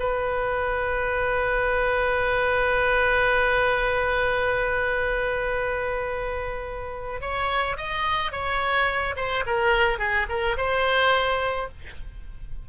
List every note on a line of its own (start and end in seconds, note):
0.00 7.22 B4
7.22 7.77 C#5
7.78 8.32 D#5
8.32 9.15 C#5
9.17 9.45 C5
9.47 9.99 A#4
9.99 10.27 G#4
10.30 10.57 A#4
10.58 11.69 C5